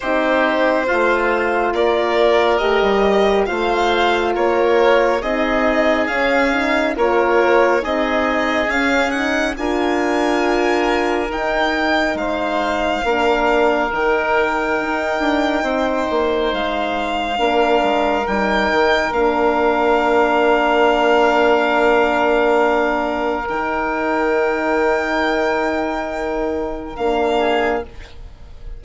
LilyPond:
<<
  \new Staff \with { instrumentName = "violin" } { \time 4/4 \tempo 4 = 69 c''2 d''4 dis''4 | f''4 cis''4 dis''4 f''4 | cis''4 dis''4 f''8 fis''8 gis''4~ | gis''4 g''4 f''2 |
g''2. f''4~ | f''4 g''4 f''2~ | f''2. g''4~ | g''2. f''4 | }
  \new Staff \with { instrumentName = "oboe" } { \time 4/4 g'4 f'4 ais'2 | c''4 ais'4 gis'2 | ais'4 gis'2 ais'4~ | ais'2 c''4 ais'4~ |
ais'2 c''2 | ais'1~ | ais'1~ | ais'2.~ ais'8 gis'8 | }
  \new Staff \with { instrumentName = "horn" } { \time 4/4 dis'4 f'2 g'4 | f'2 dis'4 cis'8 dis'8 | f'4 dis'4 cis'8 dis'8 f'4~ | f'4 dis'2 d'4 |
dis'1 | d'4 dis'4 d'2~ | d'2. dis'4~ | dis'2. d'4 | }
  \new Staff \with { instrumentName = "bassoon" } { \time 4/4 c'4 a4 ais4 a16 g8. | a4 ais4 c'4 cis'4 | ais4 c'4 cis'4 d'4~ | d'4 dis'4 gis4 ais4 |
dis4 dis'8 d'8 c'8 ais8 gis4 | ais8 gis8 g8 dis8 ais2~ | ais2. dis4~ | dis2. ais4 | }
>>